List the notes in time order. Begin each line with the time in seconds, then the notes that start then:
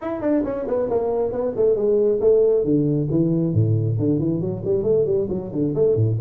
0.01 E4
0.21 D4
0.44 C#4
0.67 B3
0.89 A#3
1.31 B3
1.55 A3
1.75 G#3
2.20 A3
2.64 D3
3.10 E3
3.53 A2
3.98 D3
4.19 E3
4.41 F#3
4.64 G3
4.83 A3
5.05 G3
5.29 F#3
5.51 D3
5.74 A3
5.95 A2